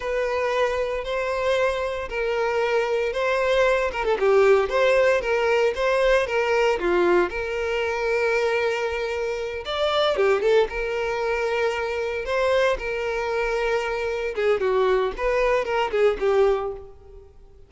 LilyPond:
\new Staff \with { instrumentName = "violin" } { \time 4/4 \tempo 4 = 115 b'2 c''2 | ais'2 c''4. ais'16 a'16 | g'4 c''4 ais'4 c''4 | ais'4 f'4 ais'2~ |
ais'2~ ais'8 d''4 g'8 | a'8 ais'2. c''8~ | c''8 ais'2. gis'8 | fis'4 b'4 ais'8 gis'8 g'4 | }